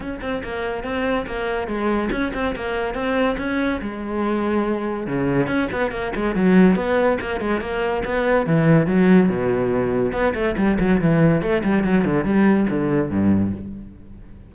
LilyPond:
\new Staff \with { instrumentName = "cello" } { \time 4/4 \tempo 4 = 142 cis'8 c'8 ais4 c'4 ais4 | gis4 cis'8 c'8 ais4 c'4 | cis'4 gis2. | cis4 cis'8 b8 ais8 gis8 fis4 |
b4 ais8 gis8 ais4 b4 | e4 fis4 b,2 | b8 a8 g8 fis8 e4 a8 g8 | fis8 d8 g4 d4 g,4 | }